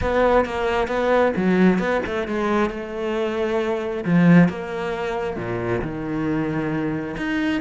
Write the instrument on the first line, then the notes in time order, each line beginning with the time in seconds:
cello
0.01 B3
0.45 A#3
0.87 B3
1.36 F#3
1.78 B3
2.06 A3
2.27 G#3
2.70 A3
4.04 F3
4.48 A#3
5.36 A#2
5.81 D#3
7.16 D#4